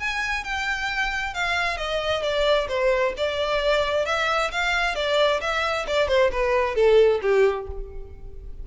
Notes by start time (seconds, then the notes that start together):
0.00 G#5
0.44 G5
1.34 F5
1.78 D#5
2.23 D5
2.69 C5
3.17 D5
4.06 E5
4.52 F5
4.95 D5
5.41 E5
5.87 D5
6.08 C5
6.32 B4
6.75 A4
7.22 G4